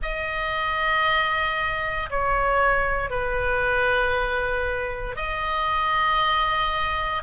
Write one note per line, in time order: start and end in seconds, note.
0.02 2.09 D#5
2.09 3.09 C#5
3.09 5.15 B4
5.15 7.22 D#5